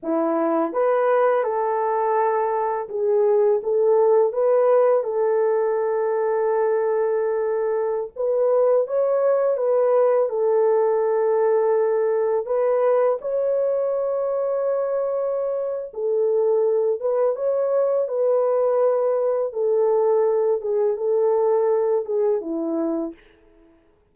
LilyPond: \new Staff \with { instrumentName = "horn" } { \time 4/4 \tempo 4 = 83 e'4 b'4 a'2 | gis'4 a'4 b'4 a'4~ | a'2.~ a'16 b'8.~ | b'16 cis''4 b'4 a'4.~ a'16~ |
a'4~ a'16 b'4 cis''4.~ cis''16~ | cis''2 a'4. b'8 | cis''4 b'2 a'4~ | a'8 gis'8 a'4. gis'8 e'4 | }